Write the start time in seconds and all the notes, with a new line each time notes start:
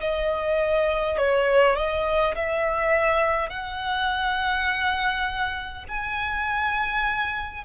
0.00 D#5
1.17 C#5
1.76 D#5
2.35 E5
3.49 F#5
5.88 G#5